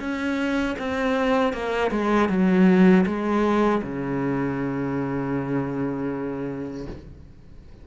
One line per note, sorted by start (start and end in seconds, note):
0.00 0.76 C#4
0.79 1.53 C4
1.53 1.91 A#3
1.91 2.29 G#3
2.29 3.05 F#3
3.06 3.82 G#3
3.83 6.87 C#3